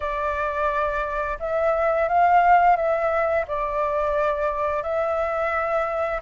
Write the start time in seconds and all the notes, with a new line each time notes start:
0.00 D5
1.39 E5
2.08 F5
2.76 E5
3.47 D5
4.82 E5